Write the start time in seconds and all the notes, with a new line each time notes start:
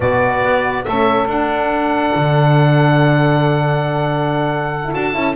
0.00 B2 B3 F#4 D5
0.43 B3
0.84 A3 C#4 A4 E5
1.27 D4 F#5
2.15 D3
4.83 E4
4.94 D4 F#4 A5
5.14 C#4 E4